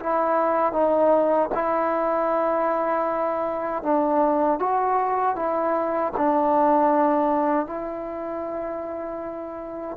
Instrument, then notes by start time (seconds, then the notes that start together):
trombone
0.00 E4
0.73 D#4
1.55 E4
3.83 D4
4.60 F#4
5.36 E4
6.17 D4
7.67 E4